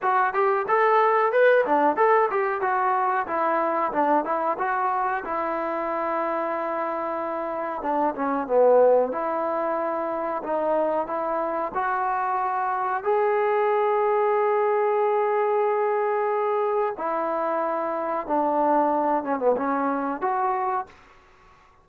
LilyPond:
\new Staff \with { instrumentName = "trombone" } { \time 4/4 \tempo 4 = 92 fis'8 g'8 a'4 b'8 d'8 a'8 g'8 | fis'4 e'4 d'8 e'8 fis'4 | e'1 | d'8 cis'8 b4 e'2 |
dis'4 e'4 fis'2 | gis'1~ | gis'2 e'2 | d'4. cis'16 b16 cis'4 fis'4 | }